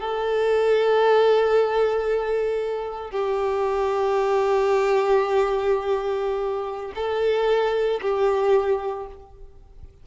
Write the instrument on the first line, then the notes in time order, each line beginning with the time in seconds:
violin
0.00 A4
3.11 G4
6.95 A4
8.01 G4